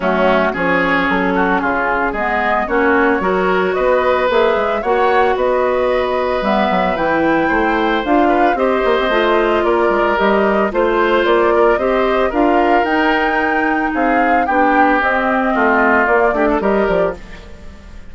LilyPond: <<
  \new Staff \with { instrumentName = "flute" } { \time 4/4 \tempo 4 = 112 fis'4 cis''4 a'4 gis'4 | dis''4 cis''2 dis''4 | e''4 fis''4 dis''2 | e''4 g''2 f''4 |
dis''2 d''4 dis''4 | c''4 d''4 dis''4 f''4 | g''2 f''4 g''4 | dis''2 d''4 dis''8 d''8 | }
  \new Staff \with { instrumentName = "oboe" } { \time 4/4 cis'4 gis'4. fis'8 f'4 | gis'4 fis'4 ais'4 b'4~ | b'4 cis''4 b'2~ | b'2 c''4. b'8 |
c''2 ais'2 | c''4. ais'8 c''4 ais'4~ | ais'2 gis'4 g'4~ | g'4 f'4. g'16 a'16 ais'4 | }
  \new Staff \with { instrumentName = "clarinet" } { \time 4/4 a4 cis'2. | b4 cis'4 fis'2 | gis'4 fis'2. | b4 e'2 f'4 |
g'4 f'2 g'4 | f'2 g'4 f'4 | dis'2. d'4 | c'2 ais8 d'8 g'4 | }
  \new Staff \with { instrumentName = "bassoon" } { \time 4/4 fis4 f4 fis4 cis4 | gis4 ais4 fis4 b4 | ais8 gis8 ais4 b2 | g8 fis8 e4 a4 d'4 |
c'8 ais16 c'16 a4 ais8 gis8 g4 | a4 ais4 c'4 d'4 | dis'2 c'4 b4 | c'4 a4 ais8 a8 g8 f8 | }
>>